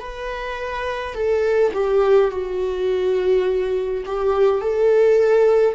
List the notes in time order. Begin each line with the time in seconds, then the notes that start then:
0.00 B4
1.14 A4
1.74 G4
2.31 F#4
4.05 G4
4.61 A4